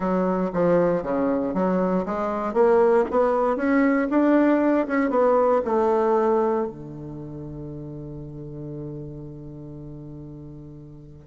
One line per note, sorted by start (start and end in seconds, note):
0.00 0.51 F#3
0.53 1.02 F3
1.02 1.54 C#3
1.54 2.05 F#3
2.05 2.53 G#3
2.53 3.04 A#3
3.10 3.56 B3
3.56 4.07 C#4
4.09 4.86 D4
4.87 5.10 C#4
5.10 5.61 B3
5.64 6.67 A3
6.67 11.27 D3